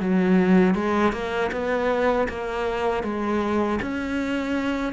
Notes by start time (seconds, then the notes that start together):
0.00 F#3
0.75 G#3
1.13 A#3
1.52 B3
2.29 A#3
3.03 G#3
3.82 C#4